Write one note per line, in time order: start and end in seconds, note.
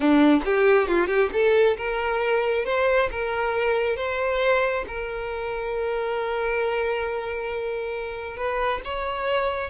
0.00 0.42 D4
0.44 0.88 G4
0.88 1.07 F4
1.07 1.29 G4
1.32 1.76 A4
1.77 2.65 A#4
2.65 3.09 C5
3.11 3.96 A#4
3.96 4.84 C5
4.87 8.36 A#4
8.36 8.81 B4
8.84 9.70 C#5